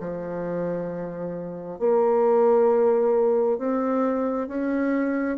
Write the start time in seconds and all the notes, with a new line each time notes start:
0.00 F3
1.79 A#3
3.58 C4
4.47 C#4